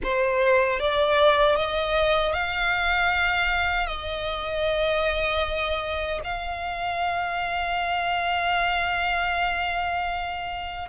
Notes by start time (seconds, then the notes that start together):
0.03 C5
0.79 D5
1.56 D#5
2.33 F5
3.86 D#5
6.23 F5